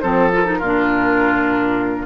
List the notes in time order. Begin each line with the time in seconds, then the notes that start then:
0.00 F3 C4 A4 C5
0.33 F4 A#4
0.45 D#4
0.59 A#2 F4
0.65 D4